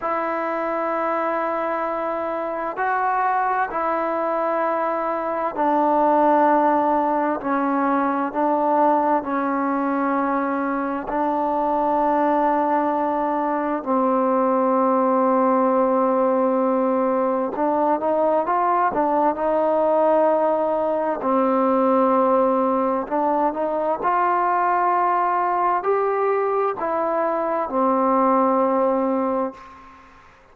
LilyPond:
\new Staff \with { instrumentName = "trombone" } { \time 4/4 \tempo 4 = 65 e'2. fis'4 | e'2 d'2 | cis'4 d'4 cis'2 | d'2. c'4~ |
c'2. d'8 dis'8 | f'8 d'8 dis'2 c'4~ | c'4 d'8 dis'8 f'2 | g'4 e'4 c'2 | }